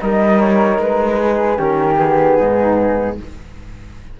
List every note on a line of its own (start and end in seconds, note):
0.00 0.78 G3
0.00 1.56 D#4
0.00 1.19 A#4
0.00 0.40 D#5
0.40 0.80 C#5
0.78 1.58 G#3
0.78 1.60 B4
1.19 1.58 G#4
1.56 2.39 D#3
1.56 1.95 C#4
1.56 2.37 G4
1.56 1.98 A#4
1.95 3.15 B3
1.95 3.18 G#4
2.37 3.19 G#2
2.37 3.17 D#4